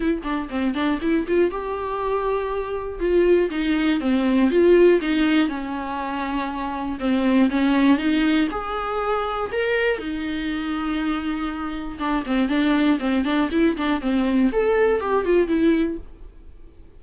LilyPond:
\new Staff \with { instrumentName = "viola" } { \time 4/4 \tempo 4 = 120 e'8 d'8 c'8 d'8 e'8 f'8 g'4~ | g'2 f'4 dis'4 | c'4 f'4 dis'4 cis'4~ | cis'2 c'4 cis'4 |
dis'4 gis'2 ais'4 | dis'1 | d'8 c'8 d'4 c'8 d'8 e'8 d'8 | c'4 a'4 g'8 f'8 e'4 | }